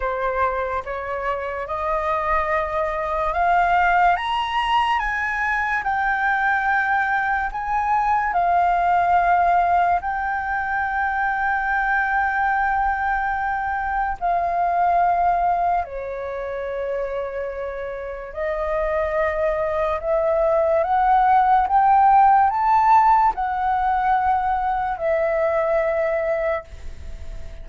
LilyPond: \new Staff \with { instrumentName = "flute" } { \time 4/4 \tempo 4 = 72 c''4 cis''4 dis''2 | f''4 ais''4 gis''4 g''4~ | g''4 gis''4 f''2 | g''1~ |
g''4 f''2 cis''4~ | cis''2 dis''2 | e''4 fis''4 g''4 a''4 | fis''2 e''2 | }